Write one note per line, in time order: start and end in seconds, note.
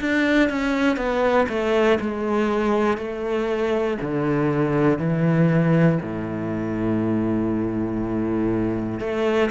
0.00 0.49 D4
0.49 0.96 C#4
0.96 1.46 B3
1.48 1.98 A3
2.00 2.97 G#3
2.97 3.97 A3
4.01 4.99 D3
4.99 5.99 E3
6.02 9.00 A2
9.00 9.50 A3